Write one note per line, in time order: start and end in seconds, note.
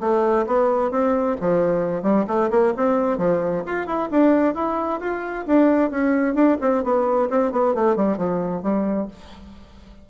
0.00 0.45 A3
0.46 0.91 B3
0.91 1.36 C4
1.40 2.02 F3
2.02 2.25 G3
2.27 2.50 A3
2.51 2.73 A#3
2.76 3.18 C4
3.18 3.63 F3
3.66 3.86 F4
3.86 4.09 E4
4.11 4.55 D4
4.55 5.00 E4
5.00 5.45 F4
5.46 5.90 D4
5.90 6.35 C#4
6.35 6.57 D4
6.61 6.83 C4
6.83 7.29 B3
7.29 7.52 C4
7.52 7.74 B3
7.74 7.96 A3
7.96 8.17 G3
8.17 8.62 F3
8.62 9.08 G3